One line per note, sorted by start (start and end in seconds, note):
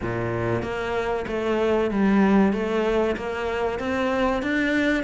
0.01 0.62 A#2
0.62 1.25 A#3
1.27 1.90 A3
1.90 2.52 G3
2.52 3.16 A3
3.16 3.79 A#3
3.79 4.42 C4
4.42 5.03 D4